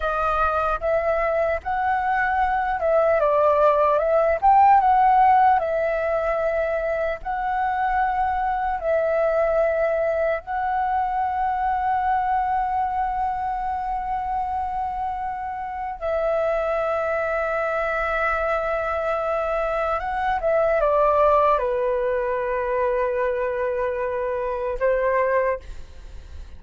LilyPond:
\new Staff \with { instrumentName = "flute" } { \time 4/4 \tempo 4 = 75 dis''4 e''4 fis''4. e''8 | d''4 e''8 g''8 fis''4 e''4~ | e''4 fis''2 e''4~ | e''4 fis''2.~ |
fis''1 | e''1~ | e''4 fis''8 e''8 d''4 b'4~ | b'2. c''4 | }